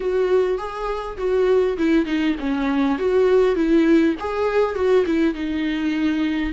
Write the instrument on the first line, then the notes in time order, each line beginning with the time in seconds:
viola
0.00 F#4
0.58 G#4
1.17 F#4
1.77 E4
2.05 D#4
2.39 C#4
2.98 F#4
3.55 E4
4.19 G#4
4.75 F#4
5.05 E4
5.34 D#4